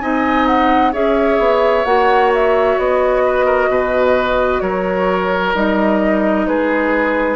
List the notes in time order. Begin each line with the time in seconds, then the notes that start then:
0.00 C4 D#4 D#5 G#5
0.47 F#5
0.92 C#4 G#4 C#5 E5
1.39 B3
1.85 A#3 F#4 F#5
2.34 E5
2.78 B3 D#5
3.25 B4
3.46 A#4
3.69 B2 B4
4.61 F#3 A#4 C#5
5.54 G3 D#4 D#5
6.47 G#3 G#4 B4